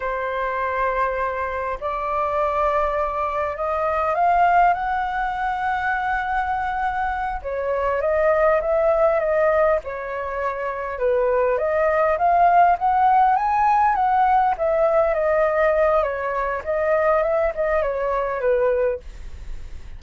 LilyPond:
\new Staff \with { instrumentName = "flute" } { \time 4/4 \tempo 4 = 101 c''2. d''4~ | d''2 dis''4 f''4 | fis''1~ | fis''8 cis''4 dis''4 e''4 dis''8~ |
dis''8 cis''2 b'4 dis''8~ | dis''8 f''4 fis''4 gis''4 fis''8~ | fis''8 e''4 dis''4. cis''4 | dis''4 e''8 dis''8 cis''4 b'4 | }